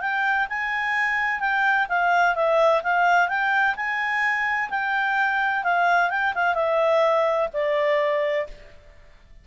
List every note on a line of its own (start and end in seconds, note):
0.00 0.47 G5
0.49 1.40 G#5
1.40 1.87 G5
1.89 2.35 F5
2.35 2.82 E5
2.83 3.28 F5
3.28 3.75 G5
3.76 4.70 G#5
4.70 5.63 G5
5.63 6.10 F5
6.10 6.33 G5
6.35 6.54 F5
6.54 7.48 E5
7.53 8.47 D5